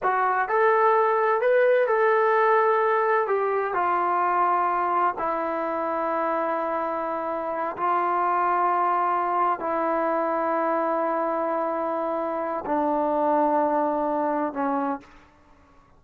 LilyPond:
\new Staff \with { instrumentName = "trombone" } { \time 4/4 \tempo 4 = 128 fis'4 a'2 b'4 | a'2. g'4 | f'2. e'4~ | e'1~ |
e'8 f'2.~ f'8~ | f'8 e'2.~ e'8~ | e'2. d'4~ | d'2. cis'4 | }